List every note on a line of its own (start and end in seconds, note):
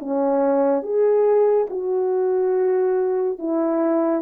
0.00 0.83 C#4
0.83 1.67 G#4
1.70 3.39 F#4
3.39 4.23 E4